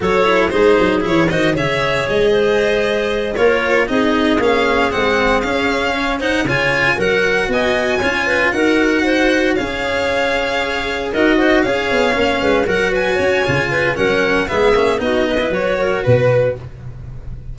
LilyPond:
<<
  \new Staff \with { instrumentName = "violin" } { \time 4/4 \tempo 4 = 116 cis''4 c''4 cis''8 dis''8 e''4 | dis''2~ dis''8 cis''4 dis''8~ | dis''8 f''4 fis''4 f''4. | fis''8 gis''4 fis''4 gis''4.~ |
gis''8 fis''2 f''4.~ | f''4. dis''4 f''4.~ | f''8 fis''8 gis''2 fis''4 | e''4 dis''4 cis''4 b'4 | }
  \new Staff \with { instrumentName = "clarinet" } { \time 4/4 a'4 gis'4. c''8 cis''4~ | cis''8 c''2 ais'4 gis'8~ | gis'2.~ gis'8 cis''8 | c''8 cis''4 ais'4 dis''4 cis''8 |
b'8 ais'4 c''4 cis''4.~ | cis''4. ais'8 c''8 cis''4. | b'8 ais'8 b'8 cis''4 b'8 ais'4 | gis'4 fis'8 b'4 ais'8 b'4 | }
  \new Staff \with { instrumentName = "cello" } { \time 4/4 fis'8 e'8 dis'4 e'8 fis'8 gis'4~ | gis'2~ gis'8 f'4 dis'8~ | dis'8 cis'4 c'4 cis'4. | dis'8 f'4 fis'2 f'8~ |
f'8 fis'2 gis'4.~ | gis'4. fis'4 gis'4 cis'8~ | cis'8 fis'4. f'4 cis'4 | b8 cis'8 dis'8. e'16 fis'2 | }
  \new Staff \with { instrumentName = "tuba" } { \time 4/4 fis4 gis8 fis8 e8 dis8 cis4 | gis2~ gis8 ais4 c'8~ | c'8 ais4 gis4 cis'4.~ | cis'8 cis4 fis4 b4 cis'8~ |
cis'8 dis'2 cis'4.~ | cis'4. dis'4 cis'8 b8 ais8 | gis8 fis4 cis'8 cis4 fis4 | gis8 ais8 b4 fis4 b,4 | }
>>